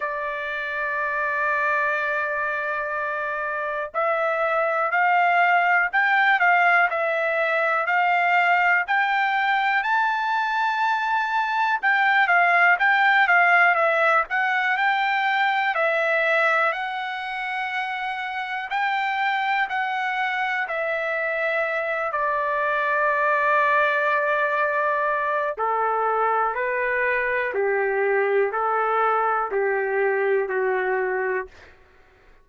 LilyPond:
\new Staff \with { instrumentName = "trumpet" } { \time 4/4 \tempo 4 = 61 d''1 | e''4 f''4 g''8 f''8 e''4 | f''4 g''4 a''2 | g''8 f''8 g''8 f''8 e''8 fis''8 g''4 |
e''4 fis''2 g''4 | fis''4 e''4. d''4.~ | d''2 a'4 b'4 | g'4 a'4 g'4 fis'4 | }